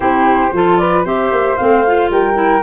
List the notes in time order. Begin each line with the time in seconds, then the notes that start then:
0.00 C4 E4 G4 C5
0.52 F3 F4 A4
0.77 B4 D5
1.04 C4 G4 C5 E5
1.31 A#3
1.56 A3 C4 F5
1.86 F4
2.09 G3 A#4 G5
2.33 E4